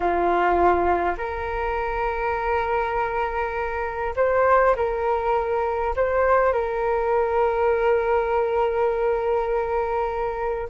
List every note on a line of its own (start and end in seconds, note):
0.00 1.15 F4
1.17 4.14 A#4
4.16 4.75 C5
4.76 5.94 A#4
5.95 6.53 C5
6.53 10.68 A#4